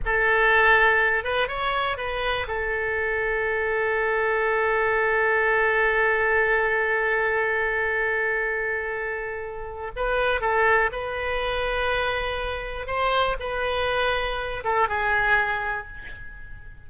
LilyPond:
\new Staff \with { instrumentName = "oboe" } { \time 4/4 \tempo 4 = 121 a'2~ a'8 b'8 cis''4 | b'4 a'2.~ | a'1~ | a'1~ |
a'1 | b'4 a'4 b'2~ | b'2 c''4 b'4~ | b'4. a'8 gis'2 | }